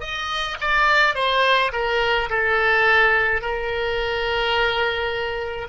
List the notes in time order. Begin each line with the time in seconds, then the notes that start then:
0.00 D#5
0.61 D5
1.15 C5
1.72 A#4
2.30 A4
3.41 A#4